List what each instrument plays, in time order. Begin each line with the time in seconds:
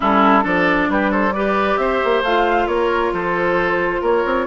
0.00 bassoon G3, clarinet C#4, oboe E4, flute A4
0.42 bassoon F3, clarinet D4, oboe A4, flute D5
0.88 bassoon G3, oboe G4, flute B4
1.10 oboe A4, flute C5
1.32 clarinet G4, oboe B4, flute D5
1.77 bassoon C4, oboe C5, flute E5
2.04 bassoon A#3
2.22 bassoon A3, clarinet F4, flute F5
2.67 bassoon A#3, oboe A#4, flute C#5
3.12 bassoon F3, oboe A4, flute C5
4.01 bassoon A#3, oboe A#4, flute C#5
4.25 bassoon C4